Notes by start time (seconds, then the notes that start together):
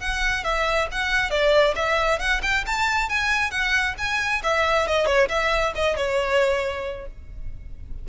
0.00 F#5
0.44 E5
0.92 F#5
1.31 D5
1.76 E5
2.19 F#5
2.43 G5
2.66 A5
3.09 G#5
3.51 F#5
3.98 G#5
4.44 E5
4.87 D#5
5.06 C#5
5.29 E5
5.75 D#5
5.97 C#5